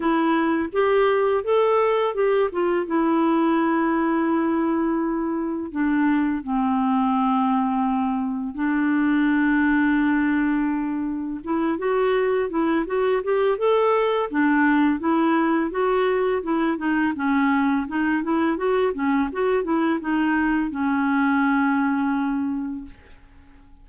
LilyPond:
\new Staff \with { instrumentName = "clarinet" } { \time 4/4 \tempo 4 = 84 e'4 g'4 a'4 g'8 f'8 | e'1 | d'4 c'2. | d'1 |
e'8 fis'4 e'8 fis'8 g'8 a'4 | d'4 e'4 fis'4 e'8 dis'8 | cis'4 dis'8 e'8 fis'8 cis'8 fis'8 e'8 | dis'4 cis'2. | }